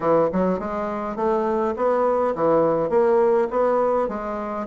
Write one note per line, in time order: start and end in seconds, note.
0.00 0.29 E3
0.32 0.59 F#3
0.59 1.16 G#3
1.16 1.74 A3
1.76 2.34 B3
2.35 2.89 E3
2.89 3.48 A#3
3.50 4.08 B3
4.08 4.66 G#3